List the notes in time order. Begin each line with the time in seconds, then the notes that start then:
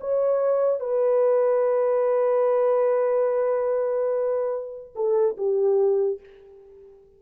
0.00 C#5
0.80 B4
4.95 A4
5.37 G4